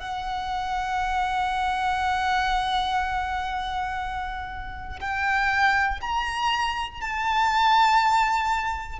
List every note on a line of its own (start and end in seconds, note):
0.00 5.00 F#5
5.00 6.00 G5
6.01 7.01 A#5
7.01 9.00 A5